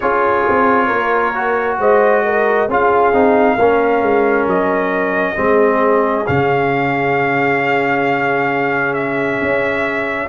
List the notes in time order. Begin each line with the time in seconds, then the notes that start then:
0.00 C#4 F4 G#4 C#5
0.48 C4
0.86 A#3 A#4
1.34 F#4
1.79 G#3 C5 D#5
2.24 A#4
2.68 C#4 F4 G#4 F5
3.12 C4 D#4
3.54 A#3 C#4 A#4
4.02 G#3
4.46 F#3 D#5
5.35 G#3 C4 G#4
6.26 C#3 C#4 F5
8.93 E5
9.41 C#4